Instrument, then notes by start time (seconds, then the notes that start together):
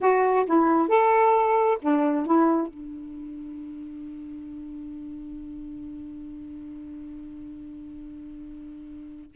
saxophone
0.00 F#4
0.46 E4
0.88 A4
1.82 D4
2.26 E4
2.67 D4